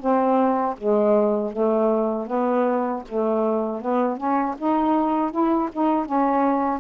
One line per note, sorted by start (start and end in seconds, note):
0.00 0.76 C4
0.78 1.53 G#3
1.53 2.27 A3
2.27 3.03 B3
3.09 3.82 A3
3.82 4.18 B3
4.18 4.56 C#4
4.58 5.32 D#4
5.32 5.70 E4
5.73 6.06 D#4
6.06 6.80 C#4